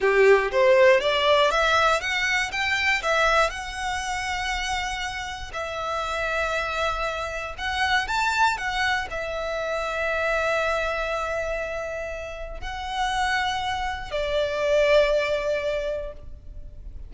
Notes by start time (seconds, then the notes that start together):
0.00 G4
0.51 C5
1.00 D5
1.50 E5
2.00 F#5
2.51 G5
3.02 E5
3.50 F#5
5.53 E5
7.58 F#5
8.07 A5
8.57 F#5
9.10 E5
12.61 F#5
14.11 D5